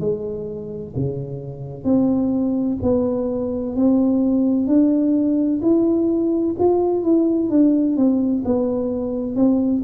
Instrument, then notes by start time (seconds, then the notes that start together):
tuba
0.00 G#3
0.96 C#3
1.84 C4
2.82 B3
3.75 C4
4.67 D4
5.62 E4
6.59 F4
7.03 E4
7.50 D4
7.96 C4
8.45 B3
9.36 C4